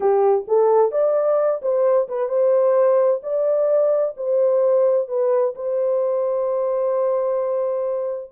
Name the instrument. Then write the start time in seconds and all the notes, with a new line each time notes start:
horn
0.00 G4
0.47 A4
0.91 D5
1.62 C5
2.08 B4
2.28 C5
3.22 D5
4.16 C5
5.07 B4
5.55 C5